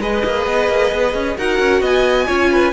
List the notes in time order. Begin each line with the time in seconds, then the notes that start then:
0.00 G#3 G#4 B4 D#5
0.25 A#3
0.46 B3
0.68 A#3
0.92 B3
1.14 C#4
1.37 D#4 F#4 A#4 F#5
1.59 C#4
1.81 B3 D#5 G#5
2.27 C#4 F4 C#5
2.51 B4